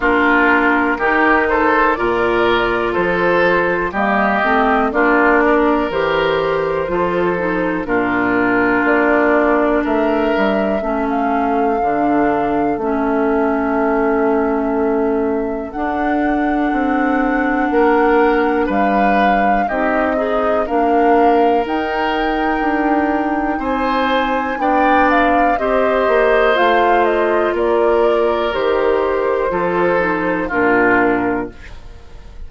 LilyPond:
<<
  \new Staff \with { instrumentName = "flute" } { \time 4/4 \tempo 4 = 61 ais'4. c''8 d''4 c''4 | dis''4 d''4 c''2 | ais'4 d''4 e''4~ e''16 f''8.~ | f''4 e''2. |
fis''2. f''4 | dis''4 f''4 g''2 | gis''4 g''8 f''8 dis''4 f''8 dis''8 | d''4 c''2 ais'4 | }
  \new Staff \with { instrumentName = "oboe" } { \time 4/4 f'4 g'8 a'8 ais'4 a'4 | g'4 f'8 ais'4. a'4 | f'2 ais'4 a'4~ | a'1~ |
a'2 ais'4 b'4 | g'8 dis'8 ais'2. | c''4 d''4 c''2 | ais'2 a'4 f'4 | }
  \new Staff \with { instrumentName = "clarinet" } { \time 4/4 d'4 dis'4 f'2 | ais8 c'8 d'4 g'4 f'8 dis'8 | d'2. cis'4 | d'4 cis'2. |
d'1 | dis'8 gis'8 d'4 dis'2~ | dis'4 d'4 g'4 f'4~ | f'4 g'4 f'8 dis'8 d'4 | }
  \new Staff \with { instrumentName = "bassoon" } { \time 4/4 ais4 dis4 ais,4 f4 | g8 a8 ais4 e4 f4 | ais,4 ais4 a8 g8 a4 | d4 a2. |
d'4 c'4 ais4 g4 | c'4 ais4 dis'4 d'4 | c'4 b4 c'8 ais8 a4 | ais4 dis4 f4 ais,4 | }
>>